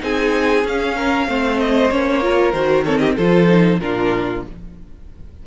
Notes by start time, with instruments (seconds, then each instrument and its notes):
0.00 cello C4, viola D#4, violin G#4 G#5
0.64 cello C#4, viola C#4, violin F5
0.96 violin A#4
1.27 cello A3, viola C4, violin C5
1.59 violin D#5
1.91 cello A#3, viola C#4, violin C#5
2.22 viola F4, violin A#4
2.52 cello D#3, viola F#4, violin C5
2.85 viola C4, violin A4 C#5
2.98 violin G4 D#5
3.16 cello F3, viola F4, violin A4 C5
3.47 viola D#4
3.80 cello A#2, viola D4, violin F4 A#4